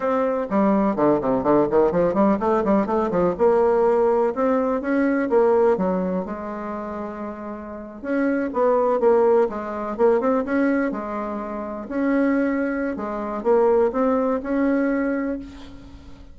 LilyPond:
\new Staff \with { instrumentName = "bassoon" } { \time 4/4 \tempo 4 = 125 c'4 g4 d8 c8 d8 dis8 | f8 g8 a8 g8 a8 f8 ais4~ | ais4 c'4 cis'4 ais4 | fis4 gis2.~ |
gis8. cis'4 b4 ais4 gis16~ | gis8. ais8 c'8 cis'4 gis4~ gis16~ | gis8. cis'2~ cis'16 gis4 | ais4 c'4 cis'2 | }